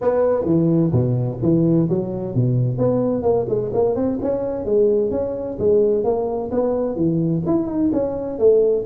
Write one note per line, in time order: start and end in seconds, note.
0.01 0.44 B3
0.44 0.91 E3
0.92 1.38 B2
1.41 1.88 E3
1.89 2.34 F#3
2.34 2.78 B2
2.78 3.22 B3
3.22 3.45 A#3
3.48 3.72 G#3
3.73 3.95 A#3
3.95 4.18 C4
4.22 4.65 C#4
4.65 5.11 G#3
5.11 5.57 C#4
5.59 6.04 G#3
6.04 6.50 A#3
6.51 6.96 B3
6.96 7.42 E3
7.46 7.67 E4
7.67 7.90 D#4
7.92 8.38 C#4
8.38 8.85 A3